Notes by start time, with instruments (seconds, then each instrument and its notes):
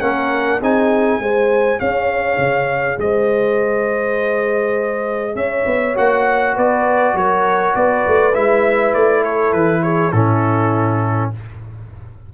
0.00 tuba A#3, trombone C#4, horn A#4, trumpet F#5
0.60 tuba C4, trombone D#4, horn G#4, trumpet G#5
1.19 tuba G#3, trombone G#4, horn C5
1.79 tuba C#4, horn C#5, trumpet F5
2.37 tuba C#3
2.97 tuba G#3, horn C5, trumpet D#5
5.35 tuba C#4, horn C#5, trumpet E5
5.66 tuba B3
5.95 tuba A#3, trombone F#4, trumpet F#5
6.54 tuba B3, horn B4, trumpet D5
7.13 tuba F#3, horn A#4, trumpet C#5
7.75 tuba B3, horn B4, trumpet D5
8.07 tuba A3
8.34 tuba G#3, trombone E4, trumpet E5
8.93 tuba A3, trumpet D5
9.22 horn A4, trumpet C#5
9.52 tuba E3, trumpet B4
9.82 horn G#4, trumpet C#5
10.11 tuba A2, trombone C#4, horn E4, trumpet A4